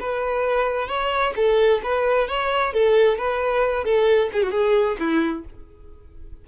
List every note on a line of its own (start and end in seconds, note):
0.00 0.88 B4
0.88 1.34 C#5
1.36 1.82 A4
1.83 2.28 B4
2.28 2.73 C#5
2.73 3.18 A4
3.18 3.85 B4
3.85 4.30 A4
4.33 4.43 G#4
4.43 4.51 F#4
4.51 4.97 G#4
4.99 5.45 E4